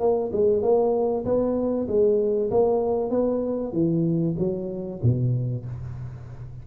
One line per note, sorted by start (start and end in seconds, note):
0.00 0.31 A#3
0.33 0.62 G#3
0.62 1.25 A#3
1.25 1.88 B3
1.88 2.50 G#3
2.51 3.11 A#3
3.11 3.73 B3
3.73 4.36 E3
4.39 5.01 F#3
5.03 5.65 B2